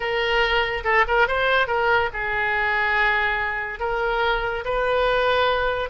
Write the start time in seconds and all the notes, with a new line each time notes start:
0.00 A#4
0.84 A4
1.07 A#4
1.27 C5
1.67 A#4
2.13 G#4
3.79 A#4
4.64 B4